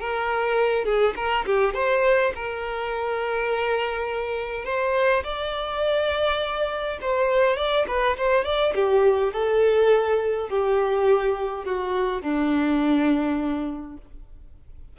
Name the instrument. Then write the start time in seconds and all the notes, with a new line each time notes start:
violin
0.00 A#4
0.85 G#4
1.16 A#4
1.46 G4
1.74 C5
2.35 A#4
4.65 C5
5.24 D5
7.01 C5
7.57 D5
7.88 B4
8.17 C5
8.45 D5
8.75 G4
9.33 A4
10.49 G4
11.65 F#4
12.22 D4